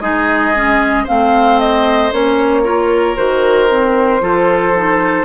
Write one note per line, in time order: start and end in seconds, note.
0.00 1.05 G#3
0.00 0.54 D#4
0.00 1.03 G#4
0.00 1.06 D#5
0.54 1.06 C#4
1.03 2.12 A3
1.03 2.11 C4
1.03 2.61 C5
1.03 1.59 F5
1.59 2.12 D#5
2.11 3.17 A#3
2.11 2.63 C#4
2.11 3.16 C#5
2.63 3.16 F4
2.63 4.21 A#4
3.16 4.21 D#3
3.16 3.68 F#4
3.16 5.25 C5
3.70 4.21 C4
4.21 5.25 F3
4.21 4.73 F4
4.21 5.25 A4
4.76 5.25 D#4